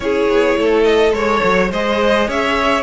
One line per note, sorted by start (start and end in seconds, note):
0.00 0.28 C#4
0.00 1.11 E4
0.00 0.59 G#4
0.00 0.83 C#5
0.28 0.57 B3
0.57 1.12 A3
0.57 1.15 A4
0.83 1.12 D#5
1.11 1.40 G#3
1.11 1.68 A4
1.11 1.71 C#5
1.43 1.72 F#3
1.71 2.28 G#3
1.71 2.83 G#4
1.71 2.27 C5
1.71 2.29 D#5
2.27 2.83 C#4
2.27 2.83 C#5
2.27 2.83 E5